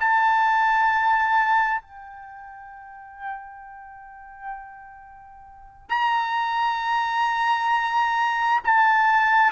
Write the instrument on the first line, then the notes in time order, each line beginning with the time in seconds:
trumpet
0.00 A5
1.81 G5
5.89 A#5
8.64 A5